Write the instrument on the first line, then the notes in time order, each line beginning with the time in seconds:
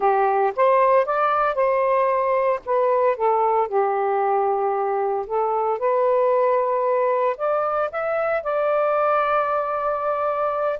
saxophone
0.00 G4
0.56 C5
1.05 D5
1.55 C5
2.65 B4
3.16 A4
3.68 G4
5.26 A4
5.78 B4
7.37 D5
7.91 E5
8.43 D5